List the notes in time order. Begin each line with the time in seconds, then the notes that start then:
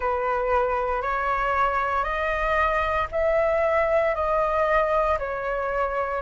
0.00 B4
1.02 C#5
2.04 D#5
3.11 E5
4.14 D#5
5.19 C#5